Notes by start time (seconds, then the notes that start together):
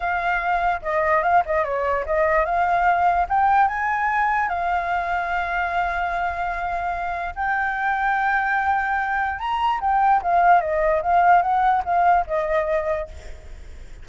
0.00 F5
0.81 D#5
1.22 F5
1.45 D#5
1.64 C#5
2.06 D#5
2.45 F5
3.28 G5
3.68 G#5
4.48 F5
7.35 G5
9.39 A#5
9.80 G5
10.22 F5
10.60 D#5
11.02 F5
11.42 F#5
11.84 F5
12.26 D#5